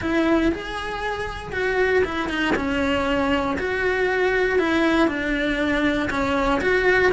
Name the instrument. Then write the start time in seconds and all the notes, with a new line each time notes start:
cello
0.01 E4
0.52 G#4
1.52 F#4
2.04 E4
2.29 D#4
2.55 C#4
3.58 F#4
4.59 E4
5.07 D4
6.10 C#4
6.61 F#4